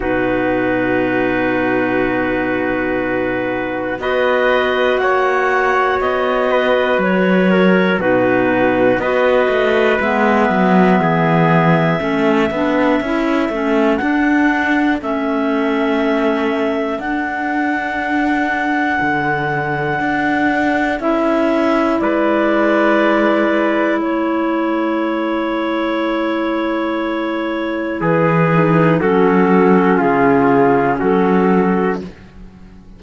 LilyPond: <<
  \new Staff \with { instrumentName = "clarinet" } { \time 4/4 \tempo 4 = 60 b'1 | dis''4 fis''4 dis''4 cis''4 | b'4 dis''4 e''2~ | e''2 fis''4 e''4~ |
e''4 fis''2.~ | fis''4 e''4 d''2 | cis''1 | b'4 a'4 gis'4 a'4 | }
  \new Staff \with { instrumentName = "trumpet" } { \time 4/4 fis'1 | b'4 cis''4. b'4 ais'8 | fis'4 b'2 gis'4 | a'1~ |
a'1~ | a'2 b'2 | a'1 | gis'4 fis'4 f'4 fis'4 | }
  \new Staff \with { instrumentName = "clarinet" } { \time 4/4 dis'1 | fis'1 | dis'4 fis'4 b2 | cis'8 d'8 e'8 cis'8 d'4 cis'4~ |
cis'4 d'2.~ | d'4 e'2.~ | e'1~ | e'8 dis'8 cis'2. | }
  \new Staff \with { instrumentName = "cello" } { \time 4/4 b,1 | b4 ais4 b4 fis4 | b,4 b8 a8 gis8 fis8 e4 | a8 b8 cis'8 a8 d'4 a4~ |
a4 d'2 d4 | d'4 cis'4 gis2 | a1 | e4 fis4 cis4 fis4 | }
>>